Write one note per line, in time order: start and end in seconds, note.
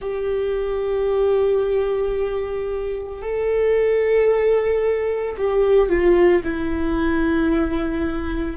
0.00 3.21 G4
3.21 5.36 A4
5.37 5.89 G4
5.89 6.42 F4
6.43 8.56 E4